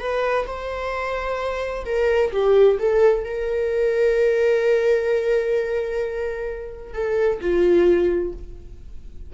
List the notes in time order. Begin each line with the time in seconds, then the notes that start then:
0.00 B4
0.47 C5
1.85 A#4
2.32 G4
2.79 A4
3.25 A#4
6.94 A4
7.41 F4